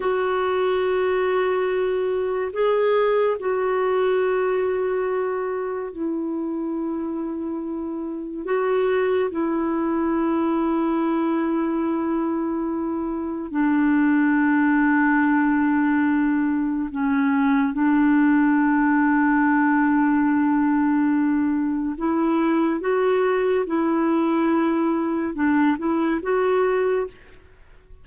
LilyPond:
\new Staff \with { instrumentName = "clarinet" } { \time 4/4 \tempo 4 = 71 fis'2. gis'4 | fis'2. e'4~ | e'2 fis'4 e'4~ | e'1 |
d'1 | cis'4 d'2.~ | d'2 e'4 fis'4 | e'2 d'8 e'8 fis'4 | }